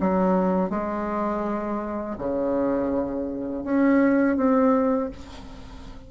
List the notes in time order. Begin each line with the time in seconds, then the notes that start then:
0.00 F#3
0.70 G#3
2.18 C#3
3.64 C#4
4.36 C4